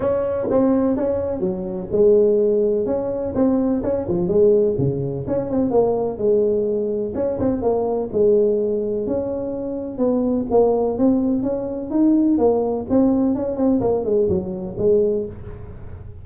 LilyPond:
\new Staff \with { instrumentName = "tuba" } { \time 4/4 \tempo 4 = 126 cis'4 c'4 cis'4 fis4 | gis2 cis'4 c'4 | cis'8 f8 gis4 cis4 cis'8 c'8 | ais4 gis2 cis'8 c'8 |
ais4 gis2 cis'4~ | cis'4 b4 ais4 c'4 | cis'4 dis'4 ais4 c'4 | cis'8 c'8 ais8 gis8 fis4 gis4 | }